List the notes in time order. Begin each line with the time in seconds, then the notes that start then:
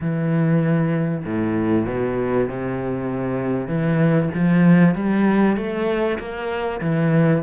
0.00 E3
1.25 A2
1.86 B2
2.49 C3
3.67 E3
4.34 F3
4.95 G3
5.56 A3
6.18 A#3
6.80 E3